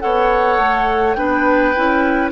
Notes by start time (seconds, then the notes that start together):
0.00 B3 A4 C#5 F#5
0.58 A3
1.14 B3 D4 B4 G5
1.76 C#4 E4